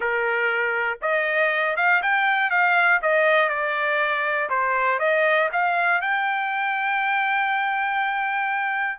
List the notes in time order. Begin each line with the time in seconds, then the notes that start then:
0.00 A#4
1.01 D#5
1.76 F5
2.02 G5
2.50 F5
3.01 D#5
3.49 D5
4.49 C5
4.99 D#5
5.52 F5
6.01 G5